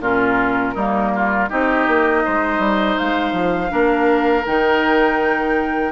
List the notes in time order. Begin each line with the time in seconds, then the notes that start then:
0.00 A#2 C#4 F4 A#4
0.74 G3 A#3 D#4
1.15 F4
1.49 C4 D#4 G4 D#5
1.87 A#3
2.25 G#3 C5
2.58 G3
2.97 G#3 F5
3.32 F3
3.69 A#3 D4 A#4
4.46 D#3 D#4 G5